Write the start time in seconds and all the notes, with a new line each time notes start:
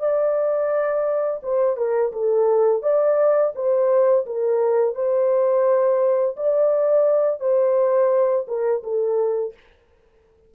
0.00 D5
1.43 C5
1.77 A#4
2.13 A4
2.83 D5
3.56 C5
4.26 A#4
4.95 C5
6.37 D5
7.40 C5
8.48 A#4
8.83 A4